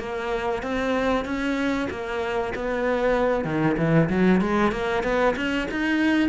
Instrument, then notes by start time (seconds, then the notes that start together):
cello
0.00 A#3
0.63 C4
1.26 C#4
1.91 A#3
2.56 B3
3.45 D#3
3.78 E3
4.10 F#3
4.42 G#3
4.72 A#3
5.04 B3
5.37 C#4
5.72 D#4